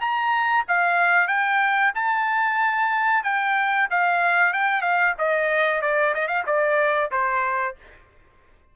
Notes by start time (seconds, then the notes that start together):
0.00 A#5
0.68 F5
1.27 G5
1.94 A5
3.23 G5
3.90 F5
4.53 G5
4.81 F5
5.18 D#5
5.81 D5
6.14 D#5
6.27 F5
6.46 D5
7.11 C5